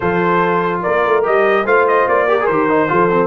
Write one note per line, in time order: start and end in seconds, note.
0.00 0.84 F3
0.00 1.23 F4
0.00 0.82 A4
0.00 0.81 C5
0.82 1.05 A#3
0.82 1.64 A#4
0.82 1.24 D5
1.05 1.25 A3
1.23 1.65 G3
1.23 1.64 G4
1.23 1.66 D#5
1.64 2.06 A3
1.64 2.28 F4
1.64 2.26 C5
1.64 1.87 F5
1.87 2.08 D#5
2.07 2.48 A#3
2.07 2.46 D5
2.27 2.38 G4
2.27 2.89 A#4
2.40 2.50 G#4
2.46 2.89 D#3
2.46 2.69 G4
2.46 3.26 C5
2.69 2.88 D#4
2.88 3.26 F3
2.88 3.09 F4
2.88 3.26 A4
3.10 3.26 C4